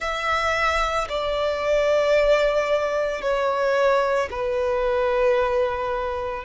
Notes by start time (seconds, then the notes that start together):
0.00 E5
1.08 D5
3.21 C#5
4.31 B4